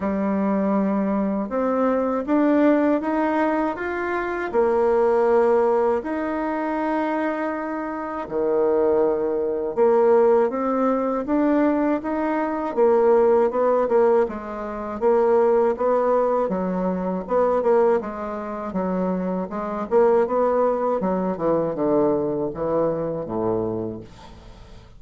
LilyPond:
\new Staff \with { instrumentName = "bassoon" } { \time 4/4 \tempo 4 = 80 g2 c'4 d'4 | dis'4 f'4 ais2 | dis'2. dis4~ | dis4 ais4 c'4 d'4 |
dis'4 ais4 b8 ais8 gis4 | ais4 b4 fis4 b8 ais8 | gis4 fis4 gis8 ais8 b4 | fis8 e8 d4 e4 a,4 | }